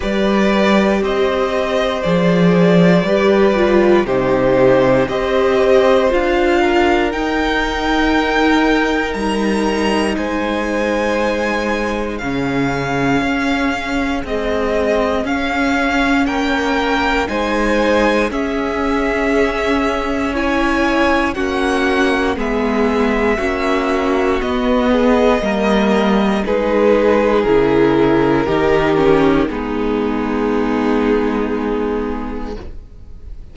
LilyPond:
<<
  \new Staff \with { instrumentName = "violin" } { \time 4/4 \tempo 4 = 59 d''4 dis''4 d''2 | c''4 dis''4 f''4 g''4~ | g''4 ais''4 gis''2 | f''2 dis''4 f''4 |
g''4 gis''4 e''2 | gis''4 fis''4 e''2 | dis''2 b'4 ais'4~ | ais'4 gis'2. | }
  \new Staff \with { instrumentName = "violin" } { \time 4/4 b'4 c''2 b'4 | g'4 c''4. ais'4.~ | ais'2 c''2 | gis'1 |
ais'4 c''4 gis'2 | cis''4 fis'4 gis'4 fis'4~ | fis'8 gis'8 ais'4 gis'2 | g'4 dis'2. | }
  \new Staff \with { instrumentName = "viola" } { \time 4/4 g'2 gis'4 g'8 f'8 | dis'4 g'4 f'4 dis'4~ | dis'1 | cis'2 gis4 cis'4~ |
cis'4 dis'4 cis'2 | e'4 cis'4 b4 cis'4 | b4 ais4 dis'4 e'4 | dis'8 cis'8 b2. | }
  \new Staff \with { instrumentName = "cello" } { \time 4/4 g4 c'4 f4 g4 | c4 c'4 d'4 dis'4~ | dis'4 g4 gis2 | cis4 cis'4 c'4 cis'4 |
ais4 gis4 cis'2~ | cis'4 ais4 gis4 ais4 | b4 g4 gis4 cis4 | dis4 gis2. | }
>>